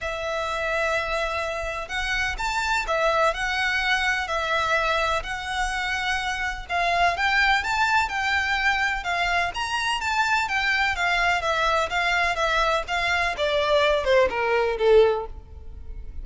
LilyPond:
\new Staff \with { instrumentName = "violin" } { \time 4/4 \tempo 4 = 126 e''1 | fis''4 a''4 e''4 fis''4~ | fis''4 e''2 fis''4~ | fis''2 f''4 g''4 |
a''4 g''2 f''4 | ais''4 a''4 g''4 f''4 | e''4 f''4 e''4 f''4 | d''4. c''8 ais'4 a'4 | }